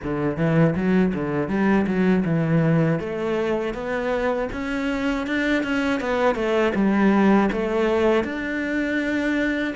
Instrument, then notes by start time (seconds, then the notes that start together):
cello
0.03 D3
0.36 E3
0.75 F#3
1.14 D3
1.48 G3
1.86 F#3
2.25 E3
2.99 A3
3.74 B3
4.52 C#4
5.26 D4
5.62 C#4
6.00 B3
6.35 A3
6.74 G3
7.52 A3
8.24 D4